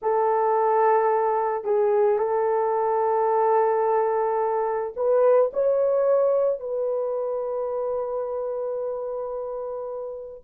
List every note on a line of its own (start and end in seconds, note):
0.02 1.64 A4
1.64 2.18 G#4
2.18 4.93 A4
4.96 5.51 B4
5.53 6.60 C#5
6.60 10.44 B4